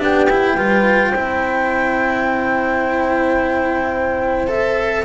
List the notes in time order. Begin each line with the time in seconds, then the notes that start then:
0.00 B3 D4 G4 G5
0.30 E4
0.55 G3 F4 B4
1.11 C4 E4 C5
4.48 A4 E5